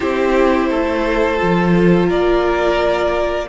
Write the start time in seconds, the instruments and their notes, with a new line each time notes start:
0.00 cello C4, viola E4, violin G4 C5
0.69 cello A3, violin A4
1.37 cello F3, viola F4
2.06 cello A#3, violin A#4 D5